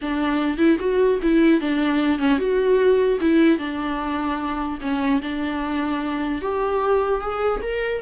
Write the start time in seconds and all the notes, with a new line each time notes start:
0.01 D4
0.57 E4
0.79 F#4
1.22 E4
1.60 D4
2.18 C#4
2.38 F#4
3.20 E4
3.58 D4
4.81 C#4
5.22 D4
6.41 G4
7.20 G#4
7.61 A#4